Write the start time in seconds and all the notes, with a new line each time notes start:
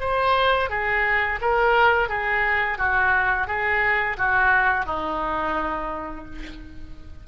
0.00 C5
0.69 G#4
1.41 A#4
2.09 G#4
2.78 F#4
3.47 G#4
4.18 F#4
4.86 D#4